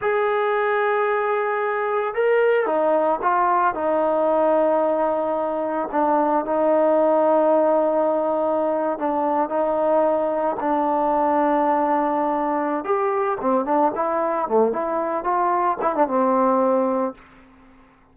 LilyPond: \new Staff \with { instrumentName = "trombone" } { \time 4/4 \tempo 4 = 112 gis'1 | ais'4 dis'4 f'4 dis'4~ | dis'2. d'4 | dis'1~ |
dis'8. d'4 dis'2 d'16~ | d'1 | g'4 c'8 d'8 e'4 a8 e'8~ | e'8 f'4 e'16 d'16 c'2 | }